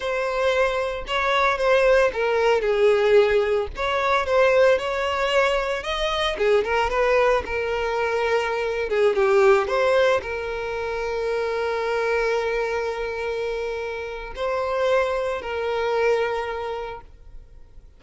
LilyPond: \new Staff \with { instrumentName = "violin" } { \time 4/4 \tempo 4 = 113 c''2 cis''4 c''4 | ais'4 gis'2 cis''4 | c''4 cis''2 dis''4 | gis'8 ais'8 b'4 ais'2~ |
ais'8. gis'8 g'4 c''4 ais'8.~ | ais'1~ | ais'2. c''4~ | c''4 ais'2. | }